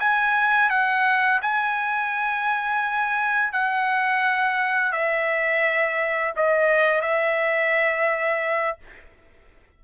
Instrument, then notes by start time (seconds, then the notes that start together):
trumpet
0.00 G#5
0.70 F#5
1.42 G#5
3.53 F#5
4.92 E5
6.36 D#5
7.02 E5